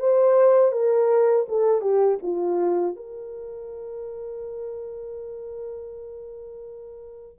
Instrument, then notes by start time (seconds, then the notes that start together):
horn
0.00 C5
0.72 A#4
1.48 A4
1.81 G4
2.23 F4
2.96 A#4